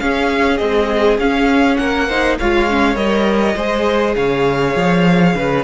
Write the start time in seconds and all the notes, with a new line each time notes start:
0.00 C#4 G#4 F5
0.58 G#3 C4 D#5
1.18 C#4 F5
1.77 A#3 A#4 F#5
2.08 D#4 C5
2.39 G#3 F4 C#5 F5
2.69 C#4
2.96 G3 A#4 D#5
3.56 G#3 G#4 C5
4.16 C#3 C#5 F5
4.76 F3
5.35 C#3 B4